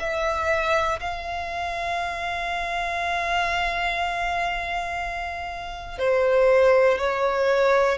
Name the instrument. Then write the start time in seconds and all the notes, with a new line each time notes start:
violin
0.00 E5
1.00 F5
5.99 C5
6.98 C#5